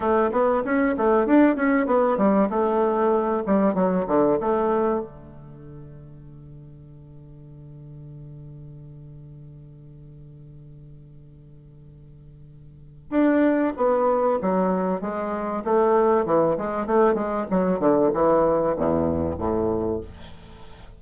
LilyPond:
\new Staff \with { instrumentName = "bassoon" } { \time 4/4 \tempo 4 = 96 a8 b8 cis'8 a8 d'8 cis'8 b8 g8 | a4. g8 fis8 d8 a4 | d1~ | d1~ |
d1~ | d4 d'4 b4 fis4 | gis4 a4 e8 gis8 a8 gis8 | fis8 d8 e4 e,4 a,4 | }